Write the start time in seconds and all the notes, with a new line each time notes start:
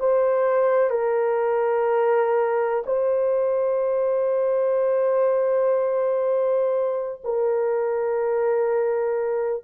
0.00 C5
0.90 A#4
2.86 C5
7.24 A#4